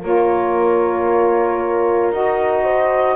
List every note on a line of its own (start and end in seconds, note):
0.00 2.11 A#3
0.00 2.12 F4
0.00 2.63 A#4
0.00 2.12 C#5
2.11 3.15 D#4
2.11 3.15 F#4
2.11 3.15 D#5
2.63 3.15 C5